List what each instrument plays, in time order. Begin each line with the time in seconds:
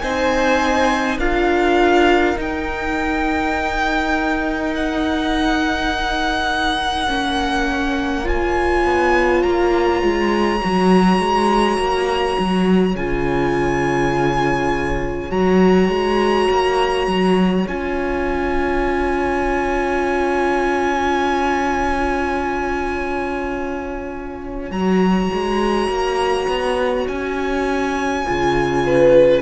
0.00 cello C4, viola D#4, violin C5 G#5
1.18 cello D4, viola F4, violin A#4 F5
2.36 viola D#4, cello D#4, violin G5
4.75 violin F#5
7.07 cello A#3, viola C#4
8.24 viola F4, violin C#5 G#5
8.85 cello B3
9.43 cello A#3, violin A#5
10.02 cello G#3
10.61 cello F#3, viola F#4
11.19 cello G#3
11.78 cello A#3
12.39 cello F#3
12.95 cello C#3, viola F4, violin G#5
15.30 cello F#3, viola F#4, violin A#5
15.89 cello G#3
16.51 cello A#3
17.07 cello F#3
17.68 cello C#4, viola F4, violin G#5
24.71 cello F#3, viola F#4, violin A#5
25.34 cello G#3
25.89 cello A#3
26.48 cello B3
27.08 cello C#4, violin G#5
28.25 cello C#3, viola F4
28.86 violin B4